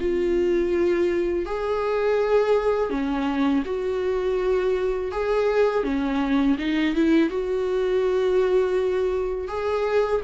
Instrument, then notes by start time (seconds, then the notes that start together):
viola
0.00 F4
1.45 G#4
2.90 C#4
3.65 F#4
5.12 G#4
5.84 C#4
6.59 D#4
6.95 E4
7.29 F#4
9.48 G#4